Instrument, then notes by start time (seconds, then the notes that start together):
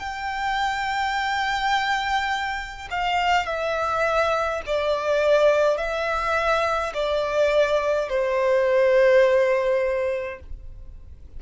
violin
0.00 G5
2.91 F5
3.46 E5
4.66 D5
5.78 E5
6.94 D5
8.09 C5